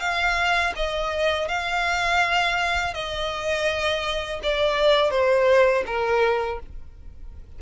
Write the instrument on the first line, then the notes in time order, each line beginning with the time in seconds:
violin
0.00 F5
0.76 D#5
1.49 F5
2.94 D#5
4.43 D5
5.11 C5
5.87 A#4